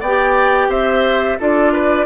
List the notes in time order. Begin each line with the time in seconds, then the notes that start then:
0.00 B3 D5 G5
0.07 G4
0.69 C4 C5 E5
1.39 D4 F4 A4 D5
1.73 B4